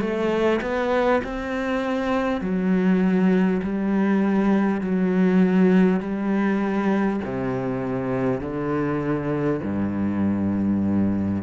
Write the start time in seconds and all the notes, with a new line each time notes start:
0.00 A3
0.61 B3
1.23 C4
2.41 F#3
3.62 G3
4.81 F#3
6.00 G3
7.24 C3
8.40 D3
9.62 G2